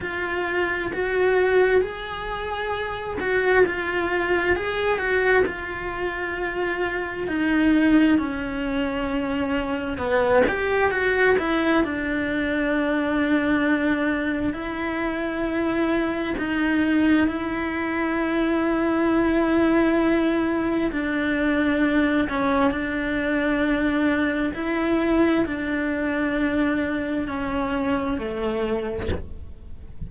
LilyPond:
\new Staff \with { instrumentName = "cello" } { \time 4/4 \tempo 4 = 66 f'4 fis'4 gis'4. fis'8 | f'4 gis'8 fis'8 f'2 | dis'4 cis'2 b8 g'8 | fis'8 e'8 d'2. |
e'2 dis'4 e'4~ | e'2. d'4~ | d'8 cis'8 d'2 e'4 | d'2 cis'4 a4 | }